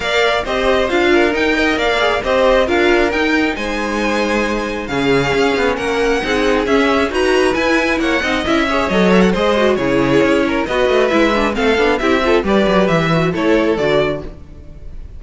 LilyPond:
<<
  \new Staff \with { instrumentName = "violin" } { \time 4/4 \tempo 4 = 135 f''4 dis''4 f''4 g''4 | f''4 dis''4 f''4 g''4 | gis''2. f''4~ | f''4 fis''2 e''4 |
ais''4 gis''4 fis''4 e''4 | dis''8 e''16 fis''16 dis''4 cis''2 | dis''4 e''4 f''4 e''4 | d''4 e''4 cis''4 d''4 | }
  \new Staff \with { instrumentName = "violin" } { \time 4/4 d''4 c''4. ais'4 dis''8 | d''4 c''4 ais'2 | c''2. gis'4~ | gis'4 ais'4 gis'2 |
b'2 cis''8 dis''4 cis''8~ | cis''4 c''4 gis'4. ais'8 | b'2 a'4 g'8 a'8 | b'2 a'2 | }
  \new Staff \with { instrumentName = "viola" } { \time 4/4 ais'4 g'4 f'4 dis'8 ais'8~ | ais'8 gis'8 g'4 f'4 dis'4~ | dis'2. cis'4~ | cis'2 dis'4 cis'4 |
fis'4 e'4. dis'8 e'8 gis'8 | a'4 gis'8 fis'8 e'2 | fis'4 e'8 d'8 c'8 d'8 e'8 f'8 | g'4. fis'8 e'4 fis'4 | }
  \new Staff \with { instrumentName = "cello" } { \time 4/4 ais4 c'4 d'4 dis'4 | ais4 c'4 d'4 dis'4 | gis2. cis4 | cis'8 b8 ais4 c'4 cis'4 |
dis'4 e'4 ais8 c'8 cis'4 | fis4 gis4 cis4 cis'4 | b8 a8 gis4 a8 b8 c'4 | g8 fis8 e4 a4 d4 | }
>>